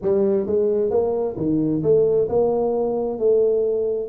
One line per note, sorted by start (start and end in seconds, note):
0.01 0.46 G3
0.46 0.90 G#3
0.90 1.35 A#3
1.37 1.82 D#3
1.82 2.28 A3
2.29 3.18 A#3
3.18 4.09 A3